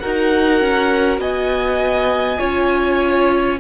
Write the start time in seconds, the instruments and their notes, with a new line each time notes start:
0.00 cello D#4, viola F#4, violin A#4 F#5
0.60 cello C#4
1.19 cello B3, violin D#5 G#5
2.39 cello C#4, viola F4, violin C#5